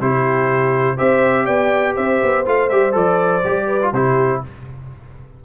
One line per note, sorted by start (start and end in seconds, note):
0.00 0.98 C3
0.00 0.97 E4
0.00 0.96 G4
0.00 0.98 C5
0.96 1.47 C4
0.96 2.45 G4
0.96 1.45 C5
0.96 1.46 E5
1.45 1.96 B3
1.45 1.94 D5
1.45 1.95 G5
1.95 2.21 C4
1.95 3.67 C5
1.95 2.45 E5
2.23 2.46 B3
2.46 2.71 A3
2.46 2.70 F4
2.46 2.69 F5
2.69 2.95 G3
2.69 2.92 G4
2.69 2.94 E5
2.92 3.44 F3
2.92 3.41 A4
2.92 3.93 D5
3.44 3.92 G3
3.44 3.81 G4
3.67 3.91 B4
3.82 3.94 F4
3.92 4.41 C3
3.92 4.44 E4
3.92 4.42 G4
3.92 4.43 C5